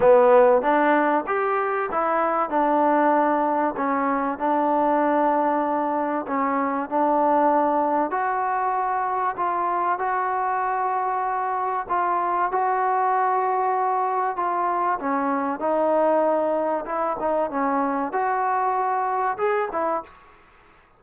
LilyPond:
\new Staff \with { instrumentName = "trombone" } { \time 4/4 \tempo 4 = 96 b4 d'4 g'4 e'4 | d'2 cis'4 d'4~ | d'2 cis'4 d'4~ | d'4 fis'2 f'4 |
fis'2. f'4 | fis'2. f'4 | cis'4 dis'2 e'8 dis'8 | cis'4 fis'2 gis'8 e'8 | }